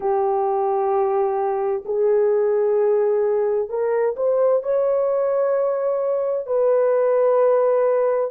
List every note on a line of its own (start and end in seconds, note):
0.00 1.83 G4
1.85 3.69 G#4
3.69 4.15 A#4
4.16 4.62 C5
4.62 6.46 C#5
6.46 8.31 B4